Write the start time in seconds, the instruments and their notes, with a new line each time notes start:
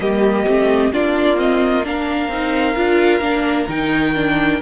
0.00 cello G3, viola A#3, violin G4 D#5
0.47 cello A3, viola C4
0.91 cello A#3, viola D4, violin F4 D5
1.36 viola C4, violin D#5
1.85 viola D4, violin A#4 F5
2.28 cello C4, viola D#4
2.76 cello D4, viola F4
3.21 cello A#3, viola D4
3.68 cello D#3, viola D#4, violin G5
4.15 viola D4